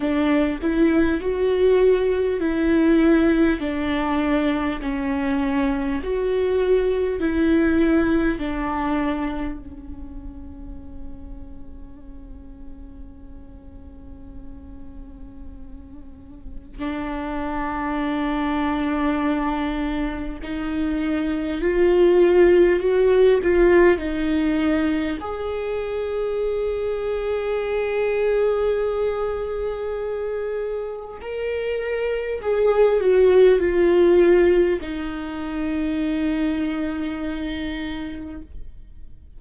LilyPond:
\new Staff \with { instrumentName = "viola" } { \time 4/4 \tempo 4 = 50 d'8 e'8 fis'4 e'4 d'4 | cis'4 fis'4 e'4 d'4 | cis'1~ | cis'2 d'2~ |
d'4 dis'4 f'4 fis'8 f'8 | dis'4 gis'2.~ | gis'2 ais'4 gis'8 fis'8 | f'4 dis'2. | }